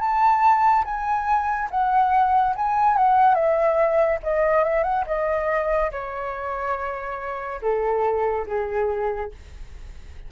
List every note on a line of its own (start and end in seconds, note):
0.00 0.85 A5
0.85 1.69 G#5
1.71 2.55 F#5
2.56 2.97 G#5
2.97 3.35 F#5
3.35 4.19 E5
4.23 4.64 D#5
4.64 4.84 E5
4.84 5.05 F#5
5.07 5.92 D#5
5.92 7.61 C#5
7.62 8.47 A4
8.47 9.31 G#4